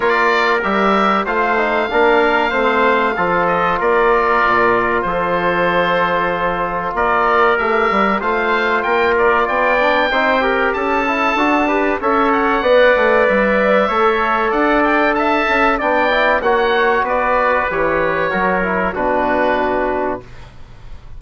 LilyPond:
<<
  \new Staff \with { instrumentName = "oboe" } { \time 4/4 \tempo 4 = 95 d''4 e''4 f''2~ | f''4. dis''8 d''2 | c''2. d''4 | e''4 f''4 g''8 d''8 g''4~ |
g''4 a''2 e''8 fis''8~ | fis''4 e''2 fis''8 g''8 | a''4 g''4 fis''4 d''4 | cis''2 b'2 | }
  \new Staff \with { instrumentName = "trumpet" } { \time 4/4 ais'2 c''4 ais'4 | c''4 a'4 ais'2 | a'2. ais'4~ | ais'4 c''4 ais'4 d''4 |
c''8 ais'8 a'4. b'8 cis''4 | d''2 cis''4 d''4 | e''4 d''4 cis''4 b'4~ | b'4 ais'4 fis'2 | }
  \new Staff \with { instrumentName = "trombone" } { \time 4/4 f'4 g'4 f'8 dis'8 d'4 | c'4 f'2.~ | f'1 | g'4 f'2~ f'8 d'8 |
dis'8 g'4 e'8 fis'8 g'8 a'4 | b'2 a'2~ | a'4 d'8 e'8 fis'2 | g'4 fis'8 e'8 d'2 | }
  \new Staff \with { instrumentName = "bassoon" } { \time 4/4 ais4 g4 a4 ais4 | a4 f4 ais4 ais,4 | f2. ais4 | a8 g8 a4 ais4 b4 |
c'4 cis'4 d'4 cis'4 | b8 a8 g4 a4 d'4~ | d'8 cis'8 b4 ais4 b4 | e4 fis4 b,2 | }
>>